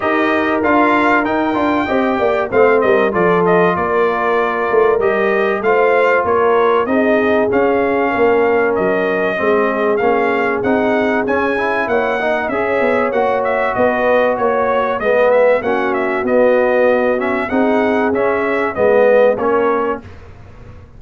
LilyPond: <<
  \new Staff \with { instrumentName = "trumpet" } { \time 4/4 \tempo 4 = 96 dis''4 f''4 g''2 | f''8 dis''8 d''8 dis''8 d''2 | dis''4 f''4 cis''4 dis''4 | f''2 dis''2 |
f''4 fis''4 gis''4 fis''4 | e''4 fis''8 e''8 dis''4 cis''4 | dis''8 e''8 fis''8 e''8 dis''4. e''8 | fis''4 e''4 dis''4 cis''4 | }
  \new Staff \with { instrumentName = "horn" } { \time 4/4 ais'2. dis''8 d''8 | c''8 ais'8 a'4 ais'2~ | ais'4 c''4 ais'4 gis'4~ | gis'4 ais'2 gis'4~ |
gis'2. cis''8 dis''8 | cis''2 b'4 cis''4 | b'4 fis'2. | gis'2 b'4 ais'4 | }
  \new Staff \with { instrumentName = "trombone" } { \time 4/4 g'4 f'4 dis'8 f'8 g'4 | c'4 f'2. | g'4 f'2 dis'4 | cis'2. c'4 |
cis'4 dis'4 cis'8 e'4 dis'8 | gis'4 fis'2. | b4 cis'4 b4. cis'8 | dis'4 cis'4 b4 cis'4 | }
  \new Staff \with { instrumentName = "tuba" } { \time 4/4 dis'4 d'4 dis'8 d'8 c'8 ais8 | a8 g8 f4 ais4. a8 | g4 a4 ais4 c'4 | cis'4 ais4 fis4 gis4 |
ais4 c'4 cis'4 ais4 | cis'8 b8 ais4 b4 ais4 | gis4 ais4 b2 | c'4 cis'4 gis4 ais4 | }
>>